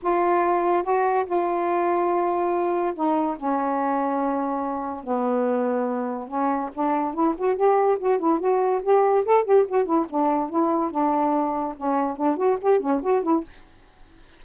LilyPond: \new Staff \with { instrumentName = "saxophone" } { \time 4/4 \tempo 4 = 143 f'2 fis'4 f'4~ | f'2. dis'4 | cis'1 | b2. cis'4 |
d'4 e'8 fis'8 g'4 fis'8 e'8 | fis'4 g'4 a'8 g'8 fis'8 e'8 | d'4 e'4 d'2 | cis'4 d'8 fis'8 g'8 cis'8 fis'8 e'8 | }